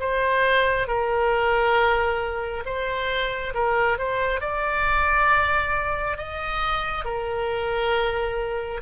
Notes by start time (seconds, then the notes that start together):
0.00 C5
0.87 A#4
2.66 C5
3.55 A#4
3.98 C5
4.41 D5
6.18 D#5
7.05 A#4